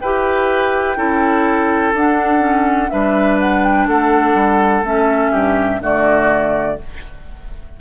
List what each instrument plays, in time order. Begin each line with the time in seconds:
0.00 bassoon E4, clarinet G4, oboe B4, flute G5
0.96 bassoon C#4, clarinet E4, oboe A4
1.93 bassoon D4, clarinet D4, flute F#5
2.39 clarinet C#4
2.90 bassoon G3, clarinet D4, oboe B4, flute E5
3.40 flute F#5
3.63 flute G5
3.87 bassoon A3, oboe A4, flute F#5
4.34 bassoon G3
4.82 bassoon A3, clarinet C#4, flute E5
5.31 bassoon G2, oboe G4
5.80 bassoon D3, clarinet A3, oboe F#4, flute D5